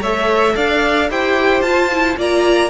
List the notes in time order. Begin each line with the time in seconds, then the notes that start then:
0.00 A3 A4 C#5 E5
0.55 D4 D5 F5
1.09 E4 G4 C5 G5
1.61 F4 A5
1.92 E4
2.17 A#3 F4 D5 A#5